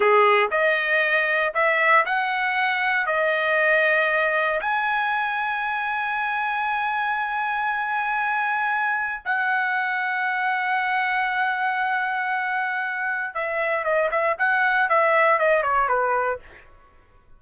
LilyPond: \new Staff \with { instrumentName = "trumpet" } { \time 4/4 \tempo 4 = 117 gis'4 dis''2 e''4 | fis''2 dis''2~ | dis''4 gis''2.~ | gis''1~ |
gis''2 fis''2~ | fis''1~ | fis''2 e''4 dis''8 e''8 | fis''4 e''4 dis''8 cis''8 b'4 | }